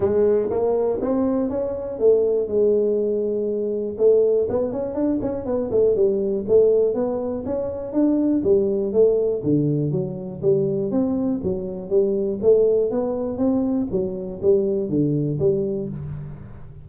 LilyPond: \new Staff \with { instrumentName = "tuba" } { \time 4/4 \tempo 4 = 121 gis4 ais4 c'4 cis'4 | a4 gis2. | a4 b8 cis'8 d'8 cis'8 b8 a8 | g4 a4 b4 cis'4 |
d'4 g4 a4 d4 | fis4 g4 c'4 fis4 | g4 a4 b4 c'4 | fis4 g4 d4 g4 | }